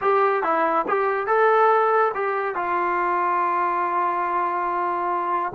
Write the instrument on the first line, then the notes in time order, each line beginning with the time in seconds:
trombone
0.01 G4
0.43 E4
0.88 G4
1.26 A4
2.14 G4
2.55 F4